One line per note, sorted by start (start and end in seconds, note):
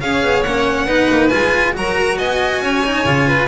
0.00 0.22 C#4
0.00 0.44 G#4
0.00 0.86 C#5
0.00 0.43 F5
0.22 0.44 B3
0.43 0.86 A#3
0.43 0.87 C#4
0.43 1.28 F#5
0.86 1.08 B3
0.86 1.31 D#4
0.86 1.73 B4
1.10 1.32 A#3
1.28 1.77 G#3
1.28 1.74 F4
1.28 1.72 G#5
1.74 2.18 F#3
1.74 2.82 F#4
1.74 2.18 A#4
1.74 2.18 A#5
2.18 2.60 B3
2.18 2.62 D#5
2.18 3.48 G#5
2.60 3.04 C#4
2.60 3.28 C#5
2.85 3.05 D#4
3.04 3.48 C#3
3.04 3.48 F4
3.28 3.48 B4